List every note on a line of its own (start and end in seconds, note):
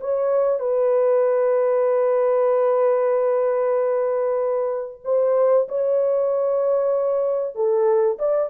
0.00 0.59 C#5
0.59 5.02 B4
5.04 5.67 C5
5.68 7.55 C#5
7.55 8.18 A4
8.19 8.49 D5